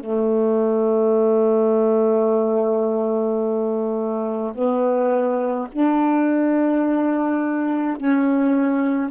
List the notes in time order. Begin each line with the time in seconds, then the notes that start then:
0.00 A3
4.54 B3
5.72 D4
7.97 C#4